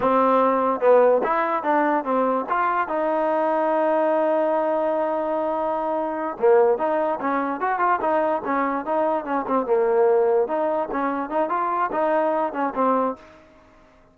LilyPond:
\new Staff \with { instrumentName = "trombone" } { \time 4/4 \tempo 4 = 146 c'2 b4 e'4 | d'4 c'4 f'4 dis'4~ | dis'1~ | dis'2.~ dis'8 ais8~ |
ais8 dis'4 cis'4 fis'8 f'8 dis'8~ | dis'8 cis'4 dis'4 cis'8 c'8 ais8~ | ais4. dis'4 cis'4 dis'8 | f'4 dis'4. cis'8 c'4 | }